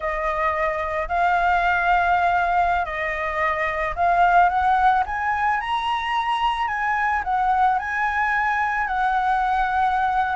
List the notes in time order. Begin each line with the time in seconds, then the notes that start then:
0.00 D#5
1.08 F5
2.85 D#5
3.95 F5
4.49 F#5
5.06 G#5
5.60 A#5
6.67 G#5
7.24 F#5
7.79 G#5
8.87 F#5